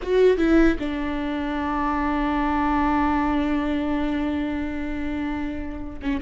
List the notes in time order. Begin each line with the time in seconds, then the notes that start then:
0.02 F#4
0.37 E4
0.79 D4
6.02 C#4